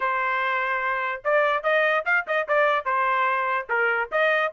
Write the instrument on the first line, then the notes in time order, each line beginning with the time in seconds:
trumpet
0.00 C5
1.24 D5
1.63 D#5
2.05 F5
2.27 D#5
2.48 D5
2.85 C5
3.69 A#4
4.11 D#5